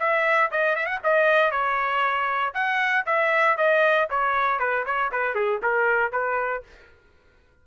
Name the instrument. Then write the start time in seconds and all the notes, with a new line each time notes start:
trumpet
0.00 E5
0.52 D#5
0.76 E5
0.86 F#5
1.04 D#5
1.52 C#5
2.55 F#5
3.07 E5
3.58 D#5
4.11 C#5
4.59 B4
4.86 C#5
5.12 B4
5.35 G#4
5.63 A#4
6.13 B4